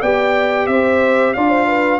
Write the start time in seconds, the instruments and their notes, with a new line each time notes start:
0.00 tuba B3, trombone G4, horn D5, trumpet G5
0.67 tuba C4, horn C5, trumpet E5
1.33 tuba D4, trombone F4, horn D5, trumpet F5
1.49 horn C5
1.67 horn B4